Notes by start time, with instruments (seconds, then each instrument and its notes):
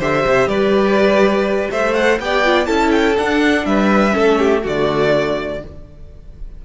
0.00 cello D3, viola G4, violin C5 E5
0.27 cello C3
0.47 cello G3, violin B4 D5
1.71 cello A3, violin C5 E5
1.94 viola A4, violin F#5
2.19 cello B3, viola G4, violin D5 G5
2.45 viola F4
2.66 cello C#4, viola E4, violin A4 A5
2.92 violin G5
3.17 viola D4, cello D4, violin F#5
3.66 cello G3, violin B4 E5
4.11 cello A3, viola C#4, violin A4
4.39 violin G4
4.63 cello D3, viola A3, violin F#4 D5